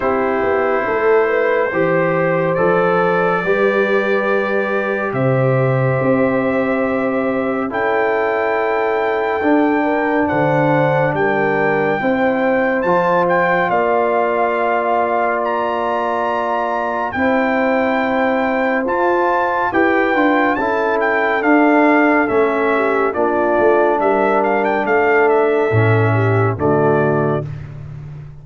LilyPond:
<<
  \new Staff \with { instrumentName = "trumpet" } { \time 4/4 \tempo 4 = 70 c''2. d''4~ | d''2 e''2~ | e''4 g''2. | fis''4 g''2 a''8 g''8 |
f''2 ais''2 | g''2 a''4 g''4 | a''8 g''8 f''4 e''4 d''4 | e''8 f''16 g''16 f''8 e''4. d''4 | }
  \new Staff \with { instrumentName = "horn" } { \time 4/4 g'4 a'8 b'8 c''2 | b'2 c''2~ | c''4 a'2~ a'8 ais'8 | c''4 ais'4 c''2 |
d''1 | c''2. b'4 | a'2~ a'8 g'8 f'4 | ais'4 a'4. g'8 fis'4 | }
  \new Staff \with { instrumentName = "trombone" } { \time 4/4 e'2 g'4 a'4 | g'1~ | g'4 e'2 d'4~ | d'2 e'4 f'4~ |
f'1 | e'2 f'4 g'8 f'8 | e'4 d'4 cis'4 d'4~ | d'2 cis'4 a4 | }
  \new Staff \with { instrumentName = "tuba" } { \time 4/4 c'8 b8 a4 e4 f4 | g2 c4 c'4~ | c'4 cis'2 d'4 | d4 g4 c'4 f4 |
ais1 | c'2 f'4 e'8 d'8 | cis'4 d'4 a4 ais8 a8 | g4 a4 a,4 d4 | }
>>